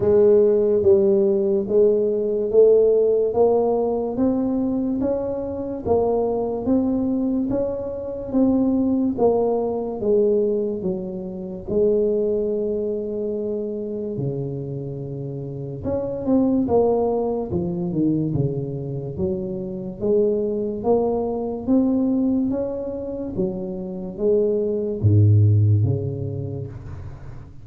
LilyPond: \new Staff \with { instrumentName = "tuba" } { \time 4/4 \tempo 4 = 72 gis4 g4 gis4 a4 | ais4 c'4 cis'4 ais4 | c'4 cis'4 c'4 ais4 | gis4 fis4 gis2~ |
gis4 cis2 cis'8 c'8 | ais4 f8 dis8 cis4 fis4 | gis4 ais4 c'4 cis'4 | fis4 gis4 gis,4 cis4 | }